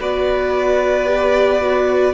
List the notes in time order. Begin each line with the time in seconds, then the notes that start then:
0.00 B3 F#4 B4 D5
1.06 G4
1.61 F#4